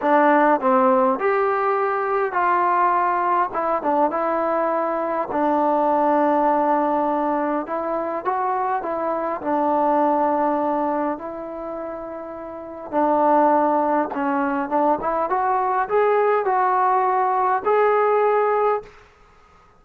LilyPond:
\new Staff \with { instrumentName = "trombone" } { \time 4/4 \tempo 4 = 102 d'4 c'4 g'2 | f'2 e'8 d'8 e'4~ | e'4 d'2.~ | d'4 e'4 fis'4 e'4 |
d'2. e'4~ | e'2 d'2 | cis'4 d'8 e'8 fis'4 gis'4 | fis'2 gis'2 | }